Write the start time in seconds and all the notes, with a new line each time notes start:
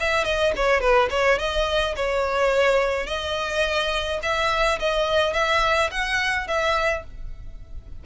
0.00 E5
0.24 D#5
0.56 C#5
0.81 B4
1.10 C#5
1.39 D#5
1.96 C#5
3.07 D#5
4.22 E5
4.79 D#5
5.33 E5
5.91 F#5
6.47 E5